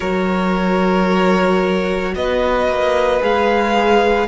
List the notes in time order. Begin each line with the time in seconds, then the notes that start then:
0.00 F#3 F#4 A#4 C#5
2.15 B3 B4 D#5
2.68 A#3
3.20 G#3 G#4 F5